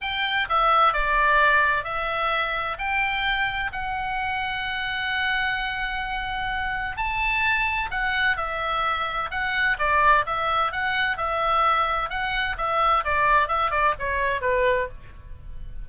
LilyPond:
\new Staff \with { instrumentName = "oboe" } { \time 4/4 \tempo 4 = 129 g''4 e''4 d''2 | e''2 g''2 | fis''1~ | fis''2. a''4~ |
a''4 fis''4 e''2 | fis''4 d''4 e''4 fis''4 | e''2 fis''4 e''4 | d''4 e''8 d''8 cis''4 b'4 | }